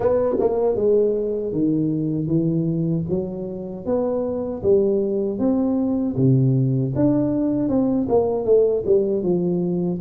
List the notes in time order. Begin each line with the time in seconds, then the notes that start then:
0.00 B3
0.39 A#3
0.75 G#3
1.52 D#3
2.27 E3
3.09 F#3
3.85 B3
4.62 G3
5.38 C4
6.16 C3
6.95 D4
7.68 C4
8.08 A#3
8.45 A3
8.86 G3
9.22 F3